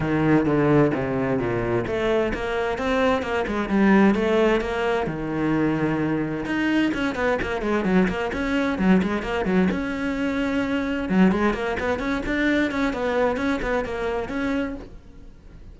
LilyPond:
\new Staff \with { instrumentName = "cello" } { \time 4/4 \tempo 4 = 130 dis4 d4 c4 ais,4 | a4 ais4 c'4 ais8 gis8 | g4 a4 ais4 dis4~ | dis2 dis'4 cis'8 b8 |
ais8 gis8 fis8 ais8 cis'4 fis8 gis8 | ais8 fis8 cis'2. | fis8 gis8 ais8 b8 cis'8 d'4 cis'8 | b4 cis'8 b8 ais4 cis'4 | }